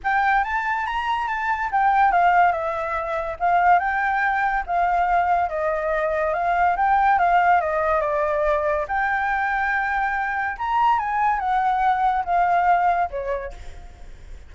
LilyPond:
\new Staff \with { instrumentName = "flute" } { \time 4/4 \tempo 4 = 142 g''4 a''4 ais''4 a''4 | g''4 f''4 e''2 | f''4 g''2 f''4~ | f''4 dis''2 f''4 |
g''4 f''4 dis''4 d''4~ | d''4 g''2.~ | g''4 ais''4 gis''4 fis''4~ | fis''4 f''2 cis''4 | }